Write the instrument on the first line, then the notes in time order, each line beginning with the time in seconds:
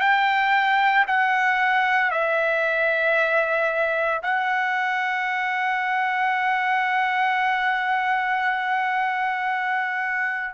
trumpet
0.00 G5
1.07 F#5
2.11 E5
4.22 F#5